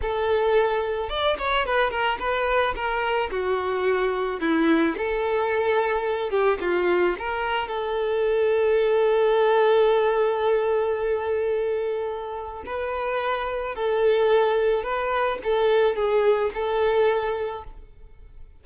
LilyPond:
\new Staff \with { instrumentName = "violin" } { \time 4/4 \tempo 4 = 109 a'2 d''8 cis''8 b'8 ais'8 | b'4 ais'4 fis'2 | e'4 a'2~ a'8 g'8 | f'4 ais'4 a'2~ |
a'1~ | a'2. b'4~ | b'4 a'2 b'4 | a'4 gis'4 a'2 | }